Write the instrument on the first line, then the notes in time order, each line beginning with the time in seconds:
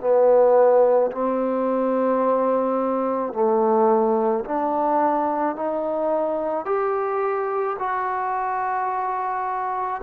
trombone
0.00 B3
1.11 C4
3.33 A3
4.44 D4
5.56 D#4
6.65 G4
7.79 F#4